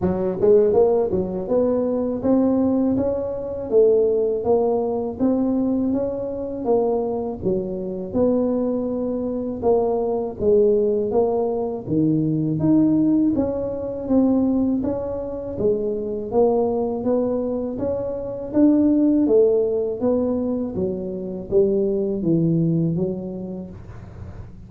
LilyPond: \new Staff \with { instrumentName = "tuba" } { \time 4/4 \tempo 4 = 81 fis8 gis8 ais8 fis8 b4 c'4 | cis'4 a4 ais4 c'4 | cis'4 ais4 fis4 b4~ | b4 ais4 gis4 ais4 |
dis4 dis'4 cis'4 c'4 | cis'4 gis4 ais4 b4 | cis'4 d'4 a4 b4 | fis4 g4 e4 fis4 | }